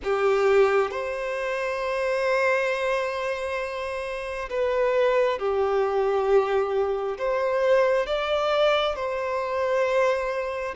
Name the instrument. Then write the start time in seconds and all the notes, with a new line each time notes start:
violin
0.03 G4
0.90 C5
4.49 B4
5.38 G4
7.18 C5
8.06 D5
8.95 C5